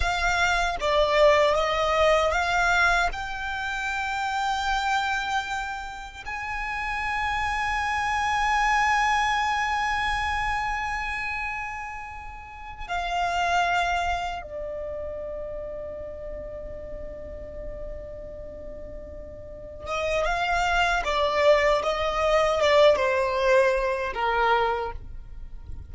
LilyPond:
\new Staff \with { instrumentName = "violin" } { \time 4/4 \tempo 4 = 77 f''4 d''4 dis''4 f''4 | g''1 | gis''1~ | gis''1~ |
gis''8 f''2 d''4.~ | d''1~ | d''4. dis''8 f''4 d''4 | dis''4 d''8 c''4. ais'4 | }